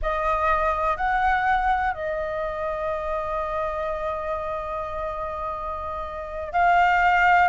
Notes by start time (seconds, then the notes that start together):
0.02 D#5
0.97 F#5
1.93 D#5
6.52 F5